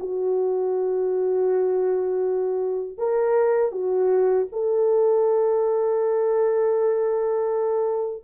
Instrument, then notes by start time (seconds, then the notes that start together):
horn
0.00 F#4
2.98 A#4
3.72 F#4
4.52 A4